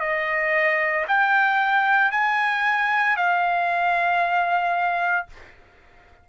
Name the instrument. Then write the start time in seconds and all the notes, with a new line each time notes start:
trumpet
0.00 D#5
1.08 G5
2.11 G#5
3.17 F5